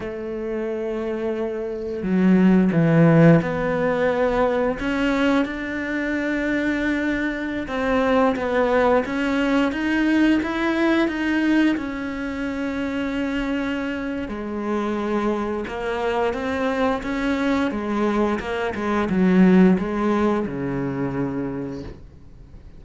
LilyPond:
\new Staff \with { instrumentName = "cello" } { \time 4/4 \tempo 4 = 88 a2. fis4 | e4 b2 cis'4 | d'2.~ d'16 c'8.~ | c'16 b4 cis'4 dis'4 e'8.~ |
e'16 dis'4 cis'2~ cis'8.~ | cis'4 gis2 ais4 | c'4 cis'4 gis4 ais8 gis8 | fis4 gis4 cis2 | }